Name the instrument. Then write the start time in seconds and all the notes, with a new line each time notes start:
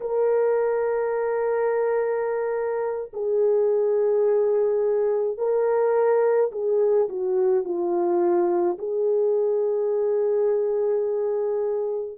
horn
0.00 A#4
3.13 G#4
5.37 A#4
6.51 G#4
7.08 F#4
7.64 F4
8.78 G#4